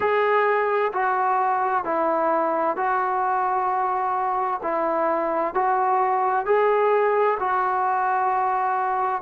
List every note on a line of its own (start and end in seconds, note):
0.00 0.91 G#4
0.92 1.84 F#4
1.84 2.76 E4
2.76 4.61 F#4
4.62 5.54 E4
5.54 6.45 F#4
6.45 7.38 G#4
7.39 9.21 F#4